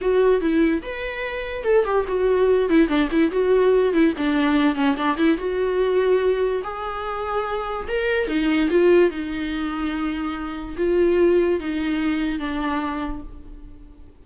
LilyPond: \new Staff \with { instrumentName = "viola" } { \time 4/4 \tempo 4 = 145 fis'4 e'4 b'2 | a'8 g'8 fis'4. e'8 d'8 e'8 | fis'4. e'8 d'4. cis'8 | d'8 e'8 fis'2. |
gis'2. ais'4 | dis'4 f'4 dis'2~ | dis'2 f'2 | dis'2 d'2 | }